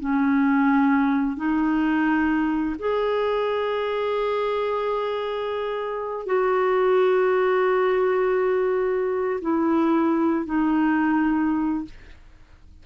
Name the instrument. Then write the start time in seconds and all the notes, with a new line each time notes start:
clarinet
0.00 C#4
1.36 D#4
2.79 G#4
6.26 F#4
9.42 E4
10.46 D#4